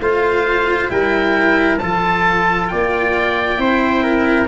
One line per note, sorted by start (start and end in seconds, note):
0.00 0.90 A3
0.00 0.88 F4
0.00 0.91 C5
0.00 0.90 F5
0.88 1.80 G3
0.88 1.78 E4
0.88 1.82 A#4
0.88 1.78 G5
1.78 2.72 F3
1.78 3.56 F4
1.78 2.71 A4
1.78 2.67 A5
2.68 3.58 A#3
2.68 3.61 D5
2.68 4.47 G5
3.56 4.48 C4
3.56 4.46 E4
3.56 4.03 C5
4.03 4.48 A#4